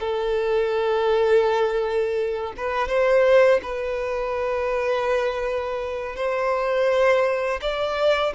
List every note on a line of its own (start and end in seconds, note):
0.00 2.53 A4
2.57 2.88 B4
2.88 3.60 C5
3.63 6.16 B4
6.16 7.60 C5
7.61 8.34 D5